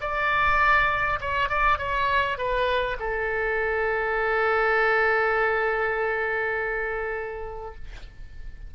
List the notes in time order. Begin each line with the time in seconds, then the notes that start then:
0.00 D5
1.20 C#5
1.49 D5
1.78 C#5
2.37 B4
2.99 A4